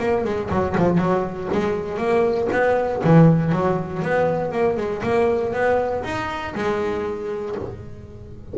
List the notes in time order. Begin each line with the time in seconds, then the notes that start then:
0.00 A#3
0.25 G#3
0.51 F#3
0.78 F3
0.98 F#3
1.53 G#3
1.98 A#3
2.52 B3
3.04 E3
3.52 F#3
4.03 B3
4.52 A#3
4.77 G#3
5.03 A#3
5.53 B3
6.04 D#4
6.55 G#3